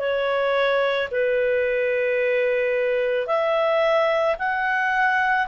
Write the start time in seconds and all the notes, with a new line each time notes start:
0.00 C#5
1.12 B4
3.27 E5
4.39 F#5